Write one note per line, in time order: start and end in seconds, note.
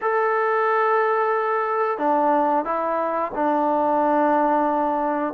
0.01 1.98 A4
1.98 2.64 D4
2.65 3.31 E4
3.35 5.33 D4